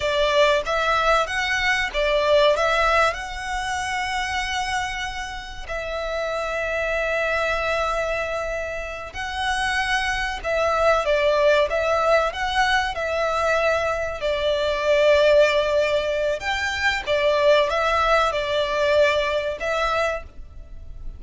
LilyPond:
\new Staff \with { instrumentName = "violin" } { \time 4/4 \tempo 4 = 95 d''4 e''4 fis''4 d''4 | e''4 fis''2.~ | fis''4 e''2.~ | e''2~ e''8 fis''4.~ |
fis''8 e''4 d''4 e''4 fis''8~ | fis''8 e''2 d''4.~ | d''2 g''4 d''4 | e''4 d''2 e''4 | }